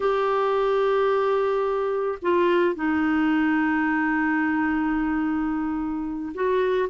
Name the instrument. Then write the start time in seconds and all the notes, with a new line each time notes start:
clarinet
0.00 G4
2.22 F4
2.75 D#4
6.34 F#4